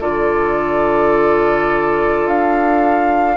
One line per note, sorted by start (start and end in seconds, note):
0.00 2.26 D3
0.00 3.36 F4
0.00 3.36 A4
0.00 2.27 D5
2.26 3.36 D4
2.26 3.36 F5